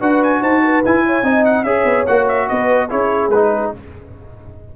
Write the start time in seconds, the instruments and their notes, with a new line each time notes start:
0.00 tuba D4, trombone F#4, horn B4, trumpet F#5
0.23 trumpet G#5
0.39 tuba D#4, horn C5, trumpet A5
0.63 horn B4
0.85 tuba E4, trombone E4, trumpet G#5
1.06 horn C#5
1.22 tuba C4, trombone D#4, horn D#5
1.45 trumpet F#5
1.63 tuba C#4, trombone G#4, horn C#5, trumpet E5
1.85 tuba B3
2.06 tuba A#3, trombone F#4, trumpet F#5
2.28 trumpet E5
2.48 tuba B3, horn B4, trumpet D#5
2.89 tuba C#4, trombone E4, horn G#4, trumpet C#5
3.29 tuba G#3, trombone D#4, trumpet B4